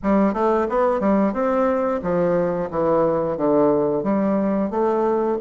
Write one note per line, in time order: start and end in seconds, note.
0.02 0.33 G3
0.33 0.67 A3
0.69 1.00 B3
1.00 1.33 G3
1.33 2.00 C4
2.02 2.69 F3
2.70 3.37 E3
3.37 4.03 D3
4.03 4.70 G3
4.70 5.37 A3